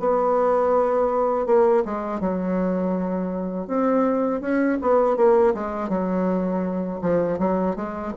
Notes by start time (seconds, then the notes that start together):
0.00 B3
1.46 A#3
1.86 G#3
2.21 F#3
3.67 C4
4.41 C#4
4.82 B3
5.17 A#3
5.54 G#3
5.89 F#3
7.02 F3
7.39 F#3
7.76 G#3